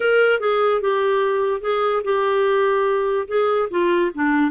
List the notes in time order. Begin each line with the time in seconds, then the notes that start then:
0.00 A#4
0.40 G#4
0.81 G4
1.61 G#4
2.03 G4
3.27 G#4
3.70 F4
4.14 D4